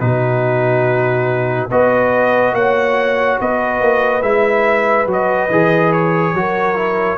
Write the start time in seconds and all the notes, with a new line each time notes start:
0.00 B2 D#4 F#4 B4
1.71 B3 F#4 B4 D#5
2.52 A#3 C#5 F#5
3.39 B3 B4 D#5
3.81 A#3
4.22 G#3 E4 E5
5.07 F#3 F#4 D#5
5.50 E3 G#4
5.92 C#5
6.33 F#3 F#4 A#4
6.76 E4